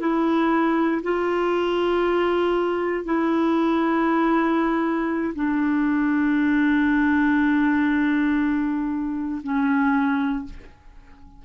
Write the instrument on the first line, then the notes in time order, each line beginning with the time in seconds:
clarinet
0.00 E4
1.03 F4
3.05 E4
5.34 D4
9.43 C#4